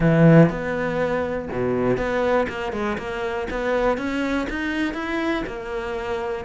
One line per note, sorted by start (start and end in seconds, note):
0.00 0.49 E3
0.49 1.48 B3
1.51 1.97 B2
1.97 2.46 B3
2.48 2.72 A#3
2.72 2.97 G#3
2.98 3.47 A#3
3.50 3.97 B3
3.97 4.47 C#4
4.49 4.94 D#4
4.94 5.43 E4
5.47 6.45 A#3